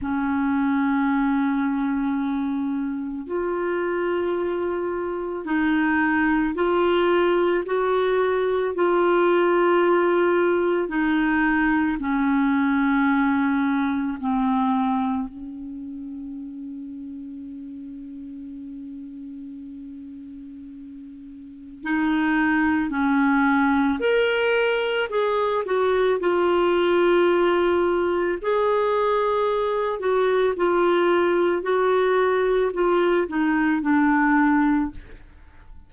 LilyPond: \new Staff \with { instrumentName = "clarinet" } { \time 4/4 \tempo 4 = 55 cis'2. f'4~ | f'4 dis'4 f'4 fis'4 | f'2 dis'4 cis'4~ | cis'4 c'4 cis'2~ |
cis'1 | dis'4 cis'4 ais'4 gis'8 fis'8 | f'2 gis'4. fis'8 | f'4 fis'4 f'8 dis'8 d'4 | }